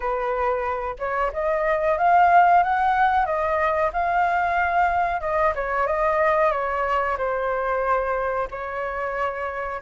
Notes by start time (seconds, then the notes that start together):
0.00 B4
0.98 C#5
1.32 D#5
1.98 F5
2.63 F#5
3.25 D#5
3.92 F5
5.20 D#5
5.55 C#5
5.86 D#5
6.51 C#5
7.17 C5
8.50 C#5